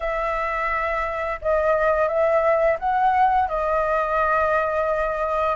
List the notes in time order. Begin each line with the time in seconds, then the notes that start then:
0.00 E5
1.41 D#5
2.07 E5
2.79 F#5
3.48 D#5